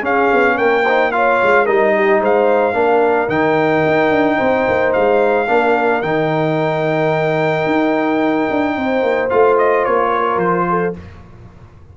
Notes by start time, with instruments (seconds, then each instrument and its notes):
0.00 trombone C#4, tuba C#4, horn G#4, trumpet F5
0.34 tuba B3
0.57 tuba A#3, horn A#4, trumpet G5
0.84 trombone D#4, horn C5
1.12 trombone F4, horn C#5, trumpet F5
1.43 tuba G#3
1.66 tuba G3, trombone D#4, horn A#4, trumpet D#5
1.96 horn G4
2.21 tuba G#3, horn C5, trumpet F5
2.74 tuba A#3, trombone D4, horn A#4
3.29 tuba D#3, trombone D#4, trumpet G5
3.86 tuba D#4
4.11 tuba D4
4.37 tuba C4, horn C5
4.69 tuba A#3
4.93 tuba G#3, trumpet F5
5.49 tuba A#3, trombone D4, horn A#4
6.02 tuba D#3, trombone D#4, trumpet G5
7.67 tuba D#4
8.51 tuba D4
8.77 tuba C4, horn C5
9.03 tuba A#3
9.30 tuba A3, trombone F4, trumpet F5
9.59 trumpet D#5
9.85 tuba A#3, trumpet C#5
10.11 horn A#4
10.37 tuba F3, trumpet C5
10.70 horn A4